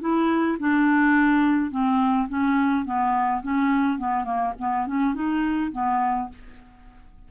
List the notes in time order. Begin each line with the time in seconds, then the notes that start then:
0.00 E4
0.59 D4
1.70 C4
2.28 C#4
2.85 B3
3.42 C#4
3.98 B3
4.24 A#3
4.59 B3
4.86 C#4
5.14 D#4
5.71 B3